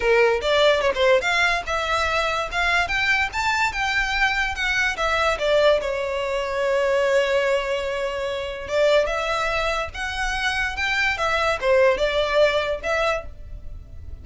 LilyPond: \new Staff \with { instrumentName = "violin" } { \time 4/4 \tempo 4 = 145 ais'4 d''4 cis''16 c''8. f''4 | e''2 f''4 g''4 | a''4 g''2 fis''4 | e''4 d''4 cis''2~ |
cis''1~ | cis''4 d''4 e''2 | fis''2 g''4 e''4 | c''4 d''2 e''4 | }